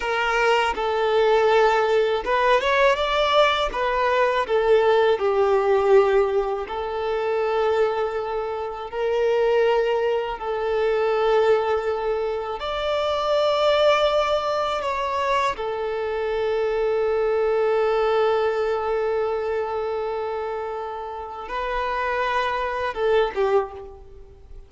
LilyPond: \new Staff \with { instrumentName = "violin" } { \time 4/4 \tempo 4 = 81 ais'4 a'2 b'8 cis''8 | d''4 b'4 a'4 g'4~ | g'4 a'2. | ais'2 a'2~ |
a'4 d''2. | cis''4 a'2.~ | a'1~ | a'4 b'2 a'8 g'8 | }